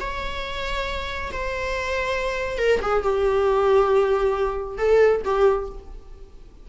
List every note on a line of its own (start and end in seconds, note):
0.00 1.31 C#5
1.32 2.58 C5
2.58 2.80 A#4
2.82 3.03 G#4
3.03 4.78 G4
4.78 5.22 A4
5.25 5.68 G4